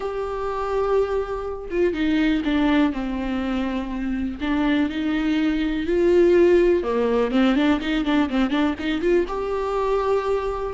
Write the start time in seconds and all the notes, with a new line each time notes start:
0.00 G4
1.70 F4
1.93 D#4
2.45 D4
2.92 C4
4.40 D4
4.89 D#4
5.86 F4
6.83 A#3
7.31 C4
7.55 D4
7.80 D#4
8.04 D4
8.29 C4
8.50 D4
8.79 D#4
9.01 F4
9.28 G4